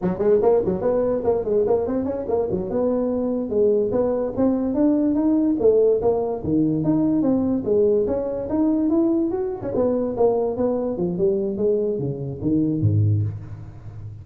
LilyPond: \new Staff \with { instrumentName = "tuba" } { \time 4/4 \tempo 4 = 145 fis8 gis8 ais8 fis8 b4 ais8 gis8 | ais8 c'8 cis'8 ais8 fis8 b4.~ | b8 gis4 b4 c'4 d'8~ | d'8 dis'4 a4 ais4 dis8~ |
dis8 dis'4 c'4 gis4 cis'8~ | cis'8 dis'4 e'4 fis'8. cis'16 b8~ | b8 ais4 b4 f8 g4 | gis4 cis4 dis4 gis,4 | }